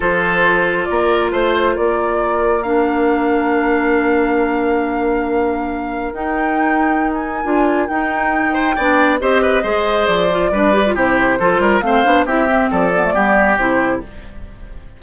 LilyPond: <<
  \new Staff \with { instrumentName = "flute" } { \time 4/4 \tempo 4 = 137 c''2 d''4 c''4 | d''2 f''2~ | f''1~ | f''2 g''2~ |
g''16 gis''4.~ gis''16 g''2~ | g''4 dis''2 d''4~ | d''4 c''2 f''4 | e''4 d''2 c''4 | }
  \new Staff \with { instrumentName = "oboe" } { \time 4/4 a'2 ais'4 c''4 | ais'1~ | ais'1~ | ais'1~ |
ais'2.~ ais'8 c''8 | d''4 c''8 b'8 c''2 | b'4 g'4 a'8 ais'8 c''4 | g'4 a'4 g'2 | }
  \new Staff \with { instrumentName = "clarinet" } { \time 4/4 f'1~ | f'2 d'2~ | d'1~ | d'2 dis'2~ |
dis'4 f'4 dis'2 | d'4 g'4 gis'4. f'8 | d'8 g'16 f'16 e'4 f'4 c'8 d'8 | e'8 c'4 b16 a16 b4 e'4 | }
  \new Staff \with { instrumentName = "bassoon" } { \time 4/4 f2 ais4 a4 | ais1~ | ais1~ | ais2 dis'2~ |
dis'4 d'4 dis'2 | b4 c'4 gis4 f4 | g4 c4 f8 g8 a8 b8 | c'4 f4 g4 c4 | }
>>